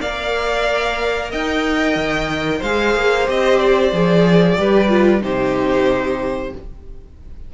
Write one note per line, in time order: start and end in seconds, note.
0.00 1.32 A#3
0.00 2.62 A#4
0.00 1.30 D5
0.00 1.31 F5
1.30 1.95 D#4
1.30 2.59 D#5
1.30 2.62 G5
1.95 2.60 D#3
2.59 2.95 G#3
2.59 4.54 C5
2.59 3.27 F5
2.65 3.27 G#4
2.95 3.27 A#3
3.27 3.92 C4
3.27 3.92 G4
3.27 3.59 D#5
3.59 5.22 D5
3.92 4.57 F3
3.92 4.56 G#4
4.56 5.21 G3
4.56 4.88 G4
4.56 5.22 B4
4.88 5.20 F4
5.20 6.52 C3
5.20 6.50 D#4
5.20 6.52 G4
5.20 6.54 C5